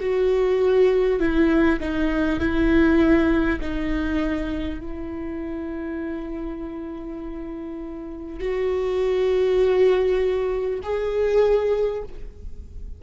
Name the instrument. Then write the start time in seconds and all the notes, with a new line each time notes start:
viola
0.00 F#4
1.19 E4
1.80 D#4
2.39 E4
3.61 D#4
4.79 E4
8.39 F#4
10.82 G#4